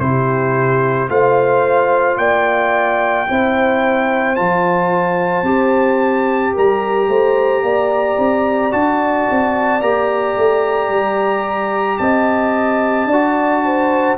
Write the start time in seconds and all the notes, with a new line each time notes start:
0.00 C3 E4 G4 C5
1.09 A3 F4 C5 F5
2.18 A#3 D5 G5
3.28 C4 E4 C5
4.36 F3 F4 A5
5.43 C4 G4
6.54 G3 A#4 A#5
7.08 A3 C5
7.63 A#3 D5
8.18 C4
8.72 D4 F#4 A5
9.31 C4
9.82 A#3 G4 A#5
10.37 A3
10.90 G3
11.98 C4 D#5 A5
13.06 D4 D5
13.12 F#4
13.65 C5